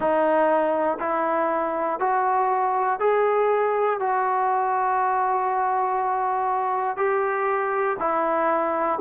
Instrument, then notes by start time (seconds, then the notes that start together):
trombone
0.00 D#4
0.99 E4
2.00 F#4
3.00 G#4
3.99 F#4
6.96 G4
7.99 E4